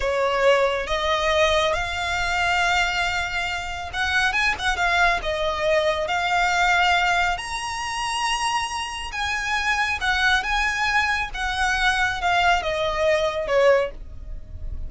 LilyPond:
\new Staff \with { instrumentName = "violin" } { \time 4/4 \tempo 4 = 138 cis''2 dis''2 | f''1~ | f''4 fis''4 gis''8 fis''8 f''4 | dis''2 f''2~ |
f''4 ais''2.~ | ais''4 gis''2 fis''4 | gis''2 fis''2 | f''4 dis''2 cis''4 | }